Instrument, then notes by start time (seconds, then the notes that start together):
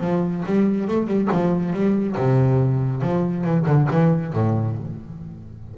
double bass
0.00 F3
0.46 G3
0.88 A3
1.07 G3
1.32 F3
1.73 G3
2.17 C3
3.02 F3
3.44 E3
3.66 D3
3.91 E3
4.33 A2